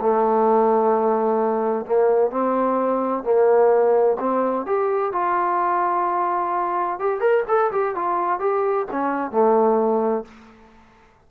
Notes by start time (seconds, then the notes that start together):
0.00 A3
1.85 A#3
2.31 C4
3.23 A#3
4.19 C4
4.66 G4
5.12 F4
6.99 G4
7.20 A#4
7.48 A4
7.72 G4
7.95 F4
8.39 G4
8.92 C#4
9.31 A3